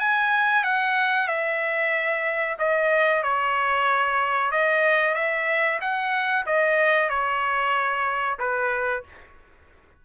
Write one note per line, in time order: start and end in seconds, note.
0.00 0.64 G#5
0.64 1.28 F#5
1.28 2.57 E5
2.59 3.23 D#5
3.24 4.52 C#5
4.52 5.15 D#5
5.15 5.80 E5
5.82 6.46 F#5
6.47 7.10 D#5
7.10 8.39 C#5
8.40 9.04 B4